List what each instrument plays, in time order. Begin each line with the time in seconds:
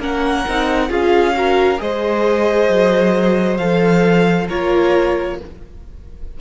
0.00 cello A#3, viola C#4, violin A#4 F#5
0.48 cello C4, viola D#4
0.89 cello C#4, viola F4, violin G#4 F5
1.35 viola F#4, violin A#4
1.78 cello G#3, viola G#4, violin C5 D#5
2.69 cello F#3
3.57 cello F3, viola A4, violin F5
4.48 cello A#3, viola F4, violin A#4 C#5